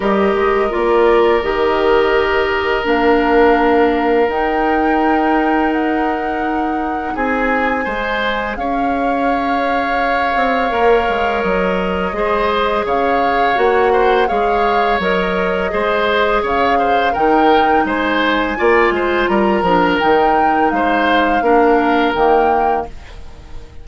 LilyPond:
<<
  \new Staff \with { instrumentName = "flute" } { \time 4/4 \tempo 4 = 84 dis''4 d''4 dis''2 | f''2 g''2 | fis''2 gis''2 | f''1 |
dis''2 f''4 fis''4 | f''4 dis''2 f''4 | g''4 gis''2 ais''4 | g''4 f''2 g''4 | }
  \new Staff \with { instrumentName = "oboe" } { \time 4/4 ais'1~ | ais'1~ | ais'2 gis'4 c''4 | cis''1~ |
cis''4 c''4 cis''4. c''8 | cis''2 c''4 cis''8 c''8 | ais'4 c''4 d''8 c''8 ais'4~ | ais'4 c''4 ais'2 | }
  \new Staff \with { instrumentName = "clarinet" } { \time 4/4 g'4 f'4 g'2 | d'2 dis'2~ | dis'2. gis'4~ | gis'2. ais'4~ |
ais'4 gis'2 fis'4 | gis'4 ais'4 gis'2 | dis'2 f'4. d'8 | dis'2 d'4 ais4 | }
  \new Staff \with { instrumentName = "bassoon" } { \time 4/4 g8 gis8 ais4 dis2 | ais2 dis'2~ | dis'2 c'4 gis4 | cis'2~ cis'8 c'8 ais8 gis8 |
fis4 gis4 cis4 ais4 | gis4 fis4 gis4 cis4 | dis4 gis4 ais8 gis8 g8 f8 | dis4 gis4 ais4 dis4 | }
>>